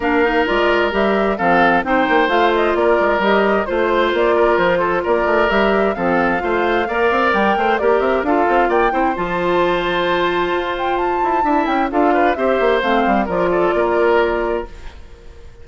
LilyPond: <<
  \new Staff \with { instrumentName = "flute" } { \time 4/4 \tempo 4 = 131 f''4 d''4 e''4 f''4 | g''4 f''8 dis''8 d''4 dis''4 | c''4 d''4 c''4 d''4 | e''4 f''2. |
g''4 d''8 e''8 f''4 g''4 | a''2.~ a''8 g''8 | a''4. g''8 f''4 e''4 | f''4 d''2. | }
  \new Staff \with { instrumentName = "oboe" } { \time 4/4 ais'2. a'4 | c''2 ais'2 | c''4. ais'4 a'8 ais'4~ | ais'4 a'4 c''4 d''4~ |
d''8 c''8 ais'4 a'4 d''8 c''8~ | c''1~ | c''4 e''4 a'8 b'8 c''4~ | c''4 ais'8 a'8 ais'2 | }
  \new Staff \with { instrumentName = "clarinet" } { \time 4/4 d'8 dis'8 f'4 g'4 c'4 | dis'4 f'2 g'4 | f'1 | g'4 c'4 f'4 ais'4~ |
ais'4 g'4 f'4. e'8 | f'1~ | f'4 e'4 f'4 g'4 | c'4 f'2. | }
  \new Staff \with { instrumentName = "bassoon" } { \time 4/4 ais4 gis4 g4 f4 | c'8 ais8 a4 ais8 gis8 g4 | a4 ais4 f4 ais8 a8 | g4 f4 a4 ais8 c'8 |
g8 a8 ais8 c'8 d'8 c'8 ais8 c'8 | f2. f'4~ | f'8 e'8 d'8 cis'8 d'4 c'8 ais8 | a8 g8 f4 ais2 | }
>>